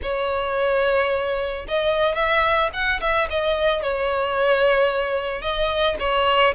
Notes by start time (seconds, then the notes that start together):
0.02 C#5
1.68 D#5
2.15 E5
2.73 F#5
3.00 E5
3.30 D#5
3.82 C#5
5.41 D#5
5.99 C#5